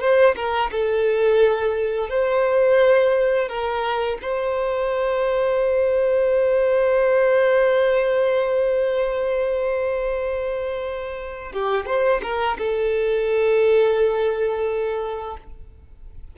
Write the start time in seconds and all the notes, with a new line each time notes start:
0.00 C5
0.36 A#4
0.71 A4
2.09 C5
3.49 A#4
4.22 C5
11.52 G4
11.86 C5
12.22 A#4
12.58 A4